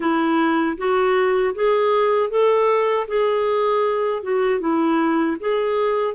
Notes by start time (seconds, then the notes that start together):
0.00 E4
0.77 F#4
1.55 G#4
2.29 A4
3.07 G#4
4.23 F#4
4.60 E4
5.40 G#4